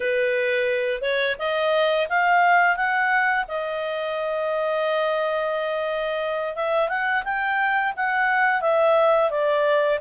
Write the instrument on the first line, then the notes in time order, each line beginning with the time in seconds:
clarinet
0.00 B4
1.01 C#5
1.38 D#5
2.09 F5
2.76 F#5
3.48 D#5
6.55 E5
6.88 F#5
7.24 G5
7.96 F#5
8.61 E5
9.30 D5